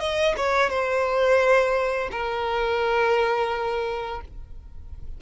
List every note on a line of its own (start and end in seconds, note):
0.00 0.35 D#5
0.37 0.70 C#5
0.70 2.09 C5
2.12 4.21 A#4